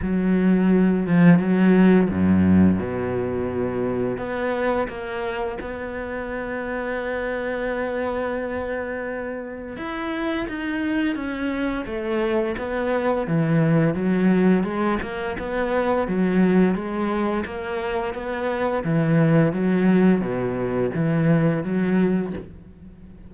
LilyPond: \new Staff \with { instrumentName = "cello" } { \time 4/4 \tempo 4 = 86 fis4. f8 fis4 fis,4 | b,2 b4 ais4 | b1~ | b2 e'4 dis'4 |
cis'4 a4 b4 e4 | fis4 gis8 ais8 b4 fis4 | gis4 ais4 b4 e4 | fis4 b,4 e4 fis4 | }